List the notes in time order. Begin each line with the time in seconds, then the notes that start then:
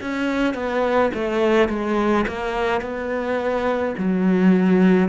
0.00 C#4
0.54 B3
1.14 A3
1.68 G#3
2.27 A#3
2.81 B3
3.97 F#3